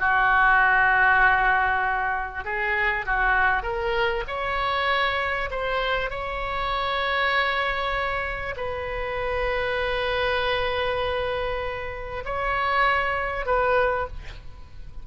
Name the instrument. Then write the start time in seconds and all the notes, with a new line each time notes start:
oboe
0.00 F#4
2.45 G#4
3.06 F#4
3.63 A#4
4.28 C#5
5.51 C5
6.11 C#5
8.57 B4
12.26 C#5
13.46 B4